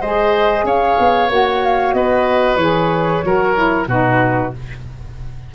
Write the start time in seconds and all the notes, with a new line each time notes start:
0.00 G#3 G#4 C5 D#5
0.64 C#4 C#5 F5
0.99 B3
1.29 A#3 F#4 F#5
1.65 F5
1.93 B3 B4 D#5
2.56 E3 G#4 C#5
3.24 F#3 F#4 A#4
3.55 E4
3.87 B2 D#4 F#4 B4